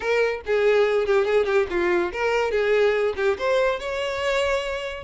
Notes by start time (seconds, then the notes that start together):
0.00 A#4
0.46 G#4
1.06 G4
1.25 G#4
1.45 G4
1.70 F4
2.12 A#4
2.51 G#4
3.16 G4
3.38 C5
3.79 C#5